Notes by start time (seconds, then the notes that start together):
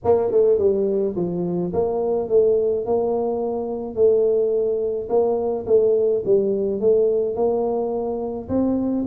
0.04 A#3
0.31 A3
0.58 G3
1.16 F3
1.73 A#3
2.28 A3
2.85 A#3
3.95 A3
5.09 A#3
5.66 A3
6.25 G3
6.80 A3
7.35 A#3
8.48 C4